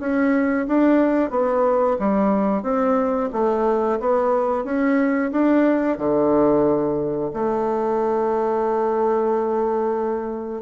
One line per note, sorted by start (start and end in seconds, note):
0.00 0.67 C#4
0.68 1.30 D4
1.30 1.97 B3
1.99 2.63 G3
2.63 3.29 C4
3.33 3.99 A3
4.00 4.64 B3
4.64 5.31 C#4
5.32 5.98 D4
5.98 7.31 D3
7.34 10.62 A3